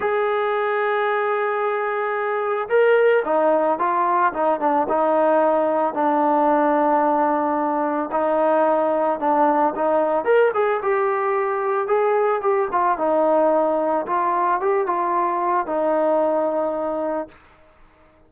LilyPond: \new Staff \with { instrumentName = "trombone" } { \time 4/4 \tempo 4 = 111 gis'1~ | gis'4 ais'4 dis'4 f'4 | dis'8 d'8 dis'2 d'4~ | d'2. dis'4~ |
dis'4 d'4 dis'4 ais'8 gis'8 | g'2 gis'4 g'8 f'8 | dis'2 f'4 g'8 f'8~ | f'4 dis'2. | }